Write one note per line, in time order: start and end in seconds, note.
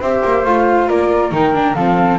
0.00 0.22 C4
0.00 0.45 G4
0.00 0.88 C5
0.00 0.45 E5
0.24 0.45 A#3
0.45 0.88 A3
0.45 1.31 F4
0.45 0.88 F5
0.88 1.31 A#3
0.88 1.75 A#4
0.88 1.32 D5
1.31 1.75 D#3
1.31 1.53 D#4
1.31 1.74 G5
1.53 1.75 D4
1.74 2.18 F3
1.74 2.18 C4
1.74 2.18 A4
1.74 2.18 F5